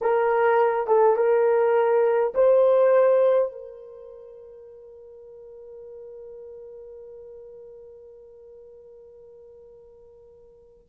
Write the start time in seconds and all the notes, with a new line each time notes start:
0.01 A#4
0.87 A4
1.16 A#4
2.34 C5
3.52 A#4